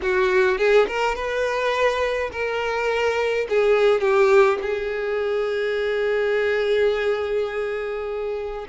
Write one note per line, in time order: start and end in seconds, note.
0.02 0.57 F#4
0.57 0.86 G#4
0.87 1.15 A#4
1.15 2.30 B4
2.32 3.47 A#4
3.49 4.00 G#4
4.00 4.58 G4
4.62 8.66 G#4